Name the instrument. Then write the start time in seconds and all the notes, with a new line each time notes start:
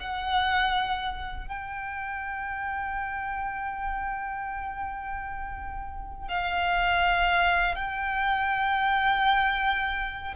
violin
0.00 F#5
1.48 G5
6.29 F5
7.76 G5